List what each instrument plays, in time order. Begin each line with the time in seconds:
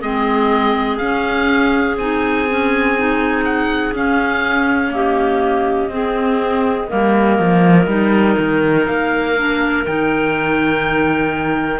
0.00 cello G#3, clarinet C4 G#4, oboe D#5
0.98 clarinet C#4, cello C#4, oboe F5
1.97 cello C4, clarinet D#4, oboe G#5
2.49 clarinet C#4
2.98 clarinet D#4
3.44 oboe F#5
3.93 cello C#4, clarinet C#4, oboe F5
4.89 clarinet A#3 G4, oboe D#5
5.89 cello C4, clarinet C4 G#4
6.88 cello G3, clarinet A#3 A#4
7.39 cello F3
7.87 cello G3, clarinet D#4
8.39 cello D#3
8.86 cello A#3, oboe F5
9.36 clarinet D4
9.86 cello D#3, clarinet D#4, oboe G5